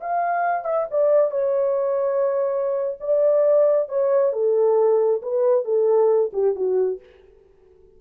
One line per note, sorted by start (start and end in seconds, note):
0.00 0.64 F5
0.64 0.86 E5
0.90 1.31 D5
1.31 2.97 C#5
3.00 3.88 D5
3.88 4.32 C#5
4.32 5.21 A4
5.22 5.64 B4
5.64 6.31 A4
6.33 6.55 G4
6.55 6.99 F#4